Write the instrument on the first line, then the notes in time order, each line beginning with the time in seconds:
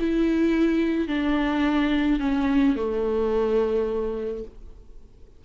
viola
0.00 E4
1.08 D4
2.20 C#4
2.76 A3